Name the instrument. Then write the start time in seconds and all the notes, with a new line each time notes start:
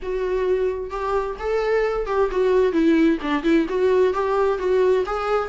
viola
0.02 F#4
0.90 G4
1.39 A4
2.06 G4
2.31 F#4
2.72 E4
3.22 D4
3.43 E4
3.68 F#4
4.13 G4
4.58 F#4
5.05 G#4